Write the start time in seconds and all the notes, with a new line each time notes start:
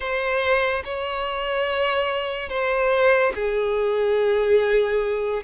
0.00 C5
0.84 C#5
2.48 C5
3.34 G#4